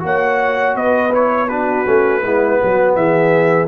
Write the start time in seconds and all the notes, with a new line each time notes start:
0.00 A#3 F#4 C#5 F#5
0.75 B3 B4 D#5
1.12 E4 C#5
1.48 D4 F#4 B4
1.85 A3 C#4
2.23 G#3 B3 E4
2.61 F#3 F#4
2.95 E3 G#4 E5